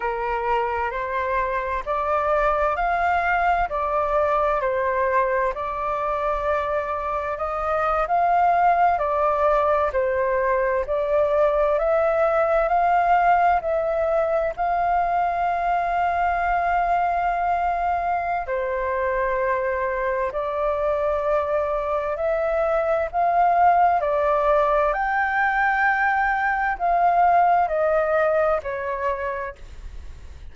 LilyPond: \new Staff \with { instrumentName = "flute" } { \time 4/4 \tempo 4 = 65 ais'4 c''4 d''4 f''4 | d''4 c''4 d''2 | dis''8. f''4 d''4 c''4 d''16~ | d''8. e''4 f''4 e''4 f''16~ |
f''1 | c''2 d''2 | e''4 f''4 d''4 g''4~ | g''4 f''4 dis''4 cis''4 | }